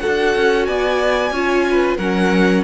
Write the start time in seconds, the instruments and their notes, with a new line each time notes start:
0.00 viola F#4, violin A4 F#5
0.07 cello D4
0.36 cello C#4
0.66 cello B3, violin D5 G#5
1.31 cello C#4, viola F4, violin C#5
1.71 violin B4
1.97 cello F#3, viola C#4, violin A#4 F#5